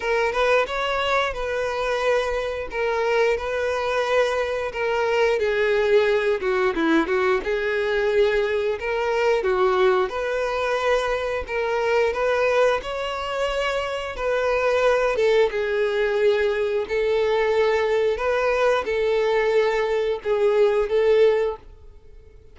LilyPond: \new Staff \with { instrumentName = "violin" } { \time 4/4 \tempo 4 = 89 ais'8 b'8 cis''4 b'2 | ais'4 b'2 ais'4 | gis'4. fis'8 e'8 fis'8 gis'4~ | gis'4 ais'4 fis'4 b'4~ |
b'4 ais'4 b'4 cis''4~ | cis''4 b'4. a'8 gis'4~ | gis'4 a'2 b'4 | a'2 gis'4 a'4 | }